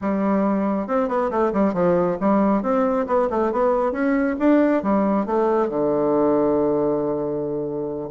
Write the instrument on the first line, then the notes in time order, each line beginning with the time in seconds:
bassoon
0.01 G3
0.87 C4
1.08 B3
1.30 A3
1.52 G3
1.73 F3
2.20 G3
2.62 C4
3.06 B3
3.30 A3
3.52 B3
3.92 C#4
4.39 D4
4.83 G3
5.26 A3
5.69 D3